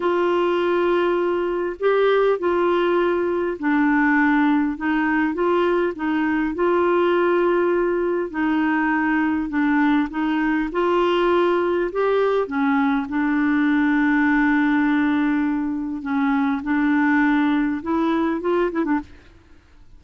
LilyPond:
\new Staff \with { instrumentName = "clarinet" } { \time 4/4 \tempo 4 = 101 f'2. g'4 | f'2 d'2 | dis'4 f'4 dis'4 f'4~ | f'2 dis'2 |
d'4 dis'4 f'2 | g'4 cis'4 d'2~ | d'2. cis'4 | d'2 e'4 f'8 e'16 d'16 | }